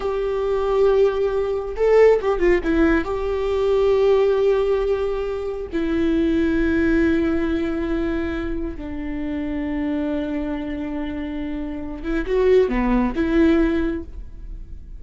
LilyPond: \new Staff \with { instrumentName = "viola" } { \time 4/4 \tempo 4 = 137 g'1 | a'4 g'8 f'8 e'4 g'4~ | g'1~ | g'4 e'2.~ |
e'1 | d'1~ | d'2.~ d'8 e'8 | fis'4 b4 e'2 | }